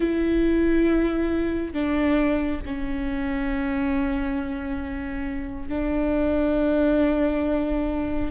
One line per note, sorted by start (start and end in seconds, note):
0.00 1.73 E4
1.73 2.60 D4
2.65 5.68 C#4
5.68 8.31 D4